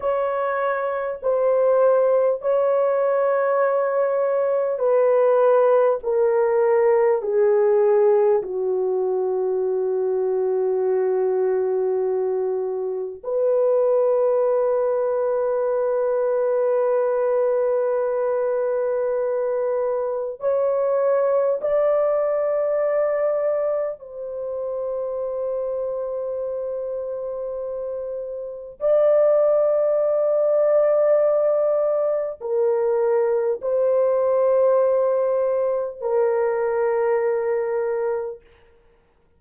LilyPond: \new Staff \with { instrumentName = "horn" } { \time 4/4 \tempo 4 = 50 cis''4 c''4 cis''2 | b'4 ais'4 gis'4 fis'4~ | fis'2. b'4~ | b'1~ |
b'4 cis''4 d''2 | c''1 | d''2. ais'4 | c''2 ais'2 | }